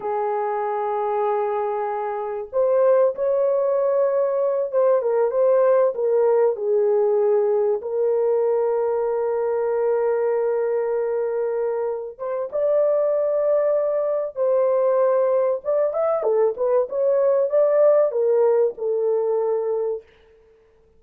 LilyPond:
\new Staff \with { instrumentName = "horn" } { \time 4/4 \tempo 4 = 96 gis'1 | c''4 cis''2~ cis''8 c''8 | ais'8 c''4 ais'4 gis'4.~ | gis'8 ais'2.~ ais'8~ |
ais'2.~ ais'8 c''8 | d''2. c''4~ | c''4 d''8 e''8 a'8 b'8 cis''4 | d''4 ais'4 a'2 | }